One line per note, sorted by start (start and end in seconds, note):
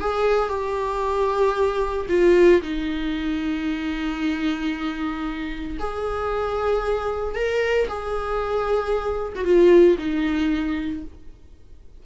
0.00 0.49 G#4
0.49 2.07 G4
2.09 2.61 F4
2.62 5.78 D#4
5.79 7.35 G#4
7.35 7.88 A#4
7.88 9.33 G#4
9.35 9.44 F#4
9.44 9.97 F4
9.98 11.03 D#4